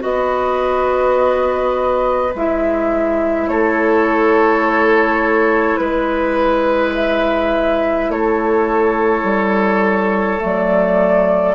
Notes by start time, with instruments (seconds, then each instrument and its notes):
0.00 bassoon B3, clarinet F#4, oboe B4, flute D#5
2.35 bassoon G#3, clarinet E4, flute E5
3.48 bassoon A3, oboe A4, flute C#5
5.78 bassoon G#3, flute B4, oboe B4
6.96 flute E5
8.09 bassoon A3, oboe A4, flute C#5
9.24 bassoon G3
10.39 bassoon F#3, clarinet A3
10.46 flute D5